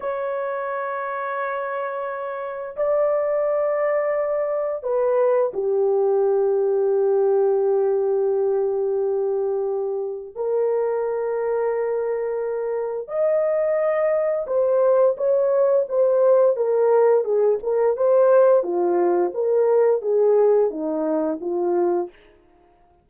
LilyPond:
\new Staff \with { instrumentName = "horn" } { \time 4/4 \tempo 4 = 87 cis''1 | d''2. b'4 | g'1~ | g'2. ais'4~ |
ais'2. dis''4~ | dis''4 c''4 cis''4 c''4 | ais'4 gis'8 ais'8 c''4 f'4 | ais'4 gis'4 dis'4 f'4 | }